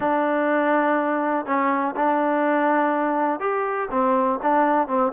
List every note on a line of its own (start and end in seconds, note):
0.00 1.45 D4
1.45 1.94 C#4
1.96 3.40 D4
3.40 3.88 G4
3.90 4.39 C4
4.42 4.87 D4
4.87 5.12 C4